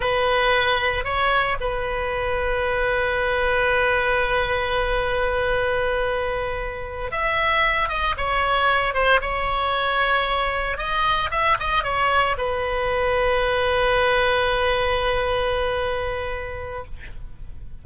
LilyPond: \new Staff \with { instrumentName = "oboe" } { \time 4/4 \tempo 4 = 114 b'2 cis''4 b'4~ | b'1~ | b'1~ | b'4. e''4. dis''8 cis''8~ |
cis''4 c''8 cis''2~ cis''8~ | cis''8 dis''4 e''8 dis''8 cis''4 b'8~ | b'1~ | b'1 | }